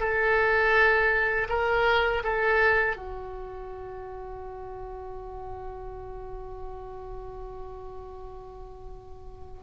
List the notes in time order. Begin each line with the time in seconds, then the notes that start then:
0.00 A4
1.49 A#4
2.24 A4
2.96 F#4